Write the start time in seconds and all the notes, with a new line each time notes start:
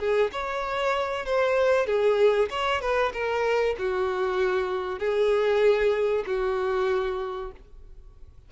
0.00 G#4
0.32 C#5
1.26 C5
1.87 G#4
2.51 C#5
2.82 B4
3.14 A#4
3.79 F#4
5.00 G#4
6.27 F#4